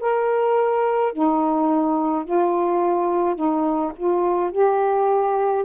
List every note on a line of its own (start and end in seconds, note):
0.00 1.13 A#4
1.13 2.24 D#4
2.24 3.35 F4
3.35 3.92 D#4
3.96 4.51 F4
4.51 5.64 G4